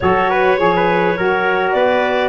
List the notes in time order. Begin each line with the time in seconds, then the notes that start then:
0.00 F#3 F#4 A4 C#5
0.29 B4
0.57 F3 G#4 C#5
0.75 B4
1.17 F#3 F#4 A#4
1.72 B3 B4 D5